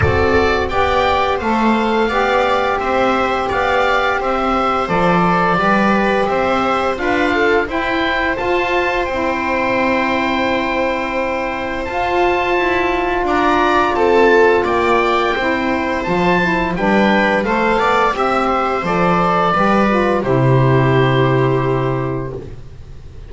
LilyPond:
<<
  \new Staff \with { instrumentName = "oboe" } { \time 4/4 \tempo 4 = 86 d''4 g''4 f''2 | e''4 f''4 e''4 d''4~ | d''4 e''4 f''4 g''4 | a''4 g''2.~ |
g''4 a''2 ais''4 | a''4 g''2 a''4 | g''4 f''4 e''4 d''4~ | d''4 c''2. | }
  \new Staff \with { instrumentName = "viola" } { \time 4/4 a'4 d''4 c''4 d''4 | c''4 d''4 c''2 | b'4 c''4 b'8 a'8 c''4~ | c''1~ |
c''2. d''4 | a'4 d''4 c''2 | b'4 c''8 d''8 e''8 c''4. | b'4 g'2. | }
  \new Staff \with { instrumentName = "saxophone" } { \time 4/4 fis'4 g'4 a'4 g'4~ | g'2. a'4 | g'2 f'4 e'4 | f'4 e'2.~ |
e'4 f'2.~ | f'2 e'4 f'8 e'8 | d'4 a'4 g'4 a'4 | g'8 f'8 e'2. | }
  \new Staff \with { instrumentName = "double bass" } { \time 4/4 c'4 b4 a4 b4 | c'4 b4 c'4 f4 | g4 c'4 d'4 e'4 | f'4 c'2.~ |
c'4 f'4 e'4 d'4 | c'4 ais4 c'4 f4 | g4 a8 b8 c'4 f4 | g4 c2. | }
>>